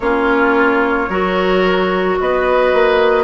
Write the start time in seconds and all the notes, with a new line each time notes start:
0.00 A#3 C#4 F4 C#5
1.08 F#3 F#4 A#4
2.19 B3 B4 D#5
2.73 A#3